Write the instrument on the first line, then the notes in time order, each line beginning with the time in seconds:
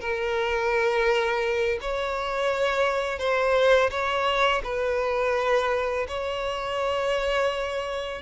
violin
0.00 A#4
1.81 C#5
3.18 C5
3.90 C#5
4.63 B4
6.07 C#5